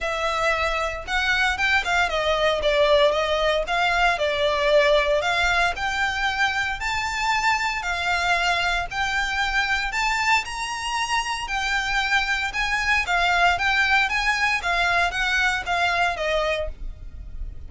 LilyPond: \new Staff \with { instrumentName = "violin" } { \time 4/4 \tempo 4 = 115 e''2 fis''4 g''8 f''8 | dis''4 d''4 dis''4 f''4 | d''2 f''4 g''4~ | g''4 a''2 f''4~ |
f''4 g''2 a''4 | ais''2 g''2 | gis''4 f''4 g''4 gis''4 | f''4 fis''4 f''4 dis''4 | }